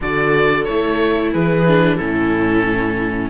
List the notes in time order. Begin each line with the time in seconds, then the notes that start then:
0.00 D3 F#4 A4 D5
0.64 A3 E4 C#5
1.32 E3 G#4 B4
1.67 D4
1.96 A2 C#4 E4 A4